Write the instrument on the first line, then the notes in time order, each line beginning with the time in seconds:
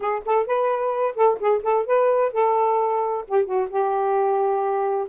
saxophone
0.00 G#4
0.25 A4
0.46 B4
1.15 A4
1.39 G#4
1.63 A4
1.86 B4
2.32 A4
3.27 G4
3.45 F#4
3.69 G4